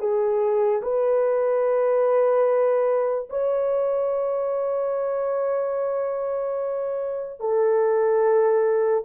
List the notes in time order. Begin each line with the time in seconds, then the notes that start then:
0.00 G#4
0.82 B4
3.30 C#5
7.40 A4